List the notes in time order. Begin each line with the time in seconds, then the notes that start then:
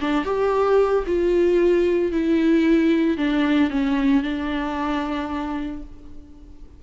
0.00 D4
0.25 G4
1.06 F4
2.11 E4
3.17 D4
3.70 C#4
4.23 D4